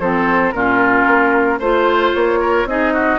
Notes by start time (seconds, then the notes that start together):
0.00 F3 C4 A4 C5
0.52 A#2 C#4 F4 A#4
1.07 A#3
1.59 A3 F4 C5
2.14 A#3 C#5
2.41 A#4
2.65 C4 D#4 G#4 D#5
2.93 F#4